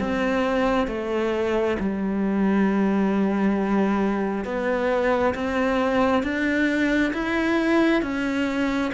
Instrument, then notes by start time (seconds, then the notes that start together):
cello
0.00 C4
0.88 A3
1.80 G3
4.45 B3
5.35 C4
6.24 D4
7.14 E4
8.03 C#4